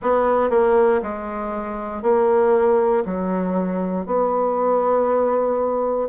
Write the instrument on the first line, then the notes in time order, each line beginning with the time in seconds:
bassoon
0.01 B3
0.50 A#3
1.02 G#3
2.02 A#3
3.05 F#3
4.05 B3